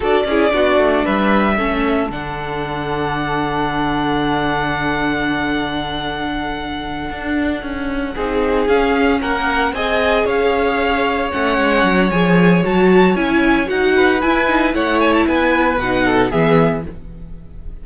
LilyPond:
<<
  \new Staff \with { instrumentName = "violin" } { \time 4/4 \tempo 4 = 114 d''2 e''2 | fis''1~ | fis''1~ | fis''1~ |
fis''8 f''4 fis''4 gis''4 f''8~ | f''4. fis''4. gis''4 | a''4 gis''4 fis''4 gis''4 | fis''8 gis''16 a''16 gis''4 fis''4 e''4 | }
  \new Staff \with { instrumentName = "violin" } { \time 4/4 a'8 gis'8 fis'4 b'4 a'4~ | a'1~ | a'1~ | a'2.~ a'8 gis'8~ |
gis'4. ais'4 dis''4 cis''8~ | cis''1~ | cis''2~ cis''8 b'4. | cis''4 b'4. a'8 gis'4 | }
  \new Staff \with { instrumentName = "viola" } { \time 4/4 fis'8 e'8 d'2 cis'4 | d'1~ | d'1~ | d'2.~ d'8 dis'8~ |
dis'8 cis'2 gis'4.~ | gis'4. cis'4. gis'4 | fis'4 e'4 fis'4 e'8 dis'8 | e'2 dis'4 b4 | }
  \new Staff \with { instrumentName = "cello" } { \time 4/4 d'8 cis'8 b8 a8 g4 a4 | d1~ | d1~ | d4. d'4 cis'4 c'8~ |
c'8 cis'4 ais4 c'4 cis'8~ | cis'4. a8 gis8 fis8 f4 | fis4 cis'4 dis'4 e'4 | a4 b4 b,4 e4 | }
>>